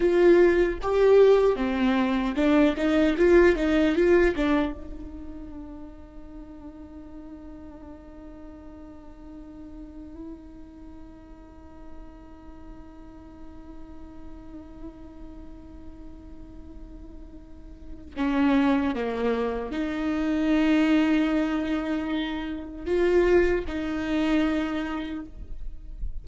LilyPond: \new Staff \with { instrumentName = "viola" } { \time 4/4 \tempo 4 = 76 f'4 g'4 c'4 d'8 dis'8 | f'8 dis'8 f'8 d'8 dis'2~ | dis'1~ | dis'1~ |
dis'1~ | dis'2. cis'4 | ais4 dis'2.~ | dis'4 f'4 dis'2 | }